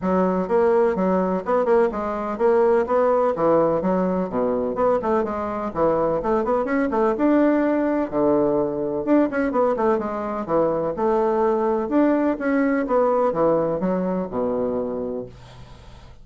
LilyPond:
\new Staff \with { instrumentName = "bassoon" } { \time 4/4 \tempo 4 = 126 fis4 ais4 fis4 b8 ais8 | gis4 ais4 b4 e4 | fis4 b,4 b8 a8 gis4 | e4 a8 b8 cis'8 a8 d'4~ |
d'4 d2 d'8 cis'8 | b8 a8 gis4 e4 a4~ | a4 d'4 cis'4 b4 | e4 fis4 b,2 | }